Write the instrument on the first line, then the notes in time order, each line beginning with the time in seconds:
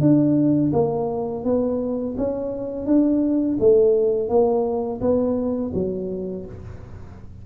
tuba
0.00 D4
0.73 A#3
1.44 B3
2.18 C#4
2.86 D4
3.59 A3
4.29 A#3
5.00 B3
5.74 F#3